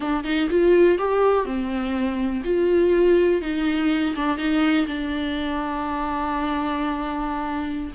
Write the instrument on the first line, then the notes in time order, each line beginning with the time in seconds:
viola
0.00 D4
0.24 D#4
0.49 F4
0.98 G4
1.45 C4
2.44 F4
3.41 D#4
4.15 D4
4.37 D#4
4.87 D4